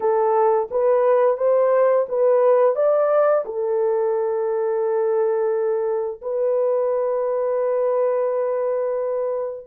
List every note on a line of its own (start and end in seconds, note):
0.00 0.68 A4
0.71 1.37 B4
1.37 2.06 C5
2.08 2.75 B4
2.75 3.44 D5
3.45 6.21 A4
6.21 9.66 B4